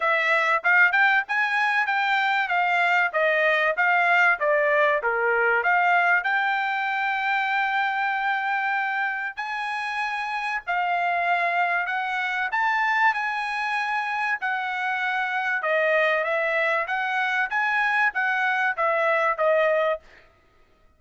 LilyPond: \new Staff \with { instrumentName = "trumpet" } { \time 4/4 \tempo 4 = 96 e''4 f''8 g''8 gis''4 g''4 | f''4 dis''4 f''4 d''4 | ais'4 f''4 g''2~ | g''2. gis''4~ |
gis''4 f''2 fis''4 | a''4 gis''2 fis''4~ | fis''4 dis''4 e''4 fis''4 | gis''4 fis''4 e''4 dis''4 | }